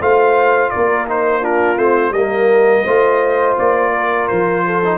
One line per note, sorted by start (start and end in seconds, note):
0.00 0.72 A3
0.00 1.07 F4
0.00 0.71 C5
0.00 0.70 F5
0.70 1.42 A#4
0.70 1.06 D5
0.76 1.77 A#3
1.07 1.41 D#4
1.07 1.44 C5
1.41 1.76 D4
1.41 2.13 F4
1.41 1.78 A#4
1.76 2.10 A3
1.76 2.12 C4
1.76 2.13 C5
2.10 2.82 G3
2.10 2.87 A#3
2.10 2.84 A#4
2.10 3.56 D#5
2.84 3.57 A3
2.84 4.83 F4
2.84 3.91 C5
3.58 4.30 A#3
3.58 4.27 D5
3.94 4.66 A#4
4.27 4.98 F3
4.27 4.98 C5
4.66 4.98 A4
4.85 4.98 D#4